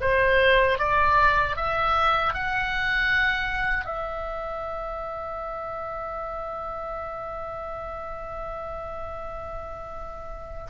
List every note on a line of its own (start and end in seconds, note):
0.00 0.78 C5
0.78 1.56 D5
1.56 2.33 E5
2.33 3.85 F#5
3.85 10.66 E5